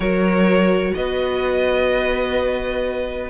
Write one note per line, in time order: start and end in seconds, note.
0.00 0.93 F#3
0.00 3.29 F#4
0.00 0.93 A#4
0.00 0.94 C#5
0.94 3.29 B3
0.94 3.29 B4
0.94 3.29 D#5